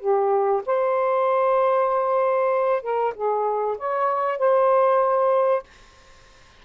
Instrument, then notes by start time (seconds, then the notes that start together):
saxophone
0.00 G4
0.66 C5
2.83 A#4
3.15 G#4
3.78 C#5
4.39 C5